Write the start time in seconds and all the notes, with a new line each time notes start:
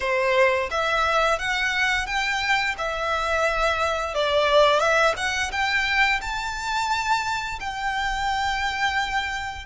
0.00 C5
0.70 E5
1.38 F#5
2.06 G5
2.77 E5
4.14 D5
4.79 E5
5.16 F#5
5.51 G5
6.21 A5
7.60 G5